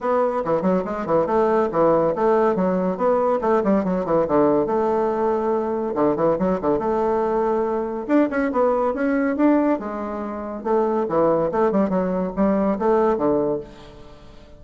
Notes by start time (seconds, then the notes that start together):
0.00 B3
0.44 E3
0.62 F#3
0.84 G#3
1.06 E3
1.26 A3
1.71 E3
2.15 A3
2.55 F#3
2.97 B3
3.41 A3
3.63 G3
3.84 F#3
4.05 E3
4.27 D3
4.66 A3
5.95 D3
6.16 E3
6.38 F#3
6.61 D3
6.79 A3
8.07 D4
8.30 C#4
8.52 B3
8.93 C#4
9.36 D4
9.79 G#3
10.63 A3
11.09 E3
11.51 A3
11.71 G3
11.89 F#3
12.35 G3
12.79 A3
13.17 D3